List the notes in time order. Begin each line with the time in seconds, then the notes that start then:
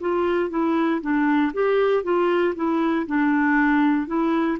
0.00 F4
0.49 E4
1.01 D4
1.53 G4
2.03 F4
2.55 E4
3.06 D4
4.07 E4